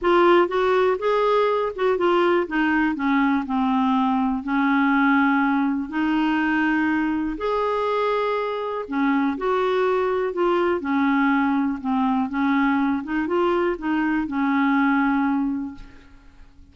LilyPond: \new Staff \with { instrumentName = "clarinet" } { \time 4/4 \tempo 4 = 122 f'4 fis'4 gis'4. fis'8 | f'4 dis'4 cis'4 c'4~ | c'4 cis'2. | dis'2. gis'4~ |
gis'2 cis'4 fis'4~ | fis'4 f'4 cis'2 | c'4 cis'4. dis'8 f'4 | dis'4 cis'2. | }